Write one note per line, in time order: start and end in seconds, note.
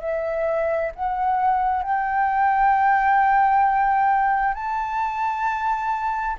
0.00 0.91 E5
0.95 1.83 F#5
1.83 4.54 G5
4.54 6.36 A5